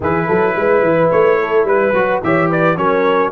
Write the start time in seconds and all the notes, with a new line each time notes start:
0.00 E3 E4 G#4 B4
0.27 F#3 A4
0.55 G#3 B4
0.82 E3
1.10 A3 C#5
1.40 A4
1.64 G3 B4
1.93 F#3 F#4
2.23 E3 G4 C#5 E5
2.49 B4 D5
2.76 F#3 C#4 A#4 C#5